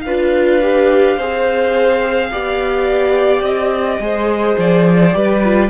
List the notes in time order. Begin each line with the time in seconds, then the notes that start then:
0.00 D4 B4 F5
0.06 F4
0.62 G4
1.16 C4 G#4 C5
2.31 B3 G4 D5
3.42 C4 D#5
3.99 G#3 G#4 C5
4.58 F3 D5
5.12 G3 G4 B4
5.44 F4